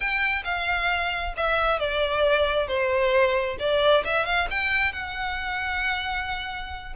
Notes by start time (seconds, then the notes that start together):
0.00 G5
0.44 F5
1.36 E5
1.79 D5
2.67 C5
3.59 D5
4.04 E5
4.25 F5
4.50 G5
4.92 F#5